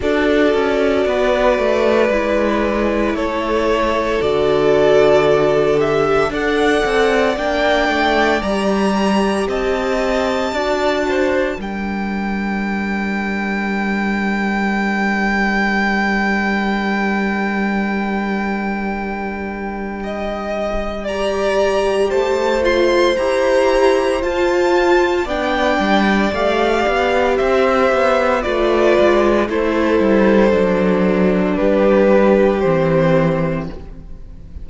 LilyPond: <<
  \new Staff \with { instrumentName = "violin" } { \time 4/4 \tempo 4 = 57 d''2. cis''4 | d''4. e''8 fis''4 g''4 | ais''4 a''2 g''4~ | g''1~ |
g''1 | ais''4 a''8 c'''8 ais''4 a''4 | g''4 f''4 e''4 d''4 | c''2 b'4 c''4 | }
  \new Staff \with { instrumentName = "violin" } { \time 4/4 a'4 b'2 a'4~ | a'2 d''2~ | d''4 dis''4 d''8 c''8 ais'4~ | ais'1~ |
ais'2. dis''4 | d''4 c''2. | d''2 c''4 b'4 | a'2 g'2 | }
  \new Staff \with { instrumentName = "viola" } { \time 4/4 fis'2 e'2 | fis'4. g'8 a'4 d'4 | g'2 fis'4 d'4~ | d'1~ |
d'1 | g'4. f'8 g'4 f'4 | d'4 g'2 f'4 | e'4 d'2 c'4 | }
  \new Staff \with { instrumentName = "cello" } { \time 4/4 d'8 cis'8 b8 a8 gis4 a4 | d2 d'8 c'8 ais8 a8 | g4 c'4 d'4 g4~ | g1~ |
g1~ | g4 a4 e'4 f'4 | b8 g8 a8 b8 c'8 b8 a8 gis8 | a8 g8 fis4 g4 e4 | }
>>